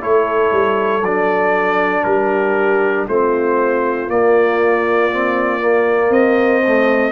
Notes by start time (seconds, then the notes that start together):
0.00 A3 E4 A4 C#5
0.51 G3
1.02 F#3 D4 D5
2.04 G3 G4 A#4
3.07 A3 C4 F4 C5
4.07 A#3 D5
5.10 C4
5.60 A#3
6.10 C4 C5 D#5
6.66 A3